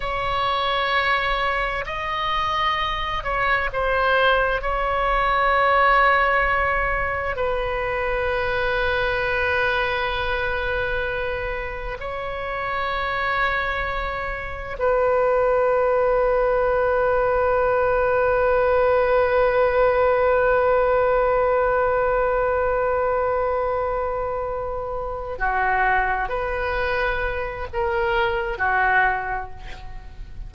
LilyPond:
\new Staff \with { instrumentName = "oboe" } { \time 4/4 \tempo 4 = 65 cis''2 dis''4. cis''8 | c''4 cis''2. | b'1~ | b'4 cis''2. |
b'1~ | b'1~ | b'2.~ b'8 fis'8~ | fis'8 b'4. ais'4 fis'4 | }